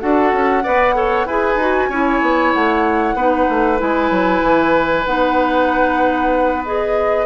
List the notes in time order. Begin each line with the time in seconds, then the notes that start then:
0.00 D4 F#4 A4 F#5
0.33 C#4
0.64 B3 B4 D5
0.95 A4 C#5
1.26 E4 G#4 B4 G#5
1.56 D#4 F#4
1.89 C#4 E4 C#5
2.22 B3
2.53 A3 F#5
3.14 B3 D#4 B4
3.49 A3
3.78 G#3 E4 G#5
4.11 F#3
4.42 E3
5.06 B3 D#4 F#5
6.65 G#4 D#5